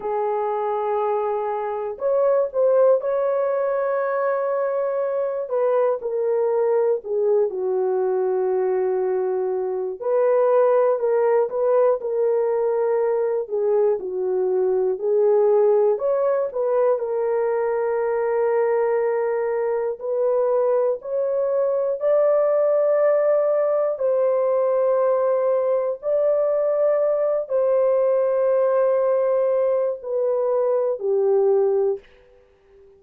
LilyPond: \new Staff \with { instrumentName = "horn" } { \time 4/4 \tempo 4 = 60 gis'2 cis''8 c''8 cis''4~ | cis''4. b'8 ais'4 gis'8 fis'8~ | fis'2 b'4 ais'8 b'8 | ais'4. gis'8 fis'4 gis'4 |
cis''8 b'8 ais'2. | b'4 cis''4 d''2 | c''2 d''4. c''8~ | c''2 b'4 g'4 | }